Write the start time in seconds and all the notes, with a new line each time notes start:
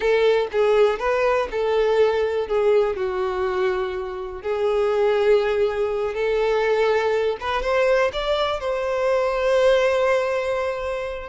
0.00 A4
0.51 G#4
0.99 B4
1.51 A4
2.47 G#4
2.96 F#4
4.42 G#4
6.14 A4
7.40 B4
7.62 C5
8.13 D5
8.60 C5